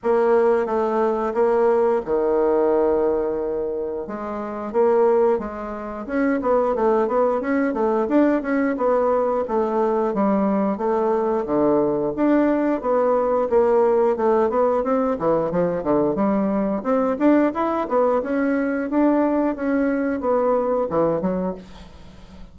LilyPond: \new Staff \with { instrumentName = "bassoon" } { \time 4/4 \tempo 4 = 89 ais4 a4 ais4 dis4~ | dis2 gis4 ais4 | gis4 cis'8 b8 a8 b8 cis'8 a8 | d'8 cis'8 b4 a4 g4 |
a4 d4 d'4 b4 | ais4 a8 b8 c'8 e8 f8 d8 | g4 c'8 d'8 e'8 b8 cis'4 | d'4 cis'4 b4 e8 fis8 | }